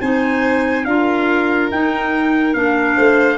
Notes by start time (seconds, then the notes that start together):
0.00 C4 D#4 C5 G#5
0.85 D4 F4 A#4 F5
1.70 D#4 G5
2.54 A#3 D4 F5
2.96 A3 C5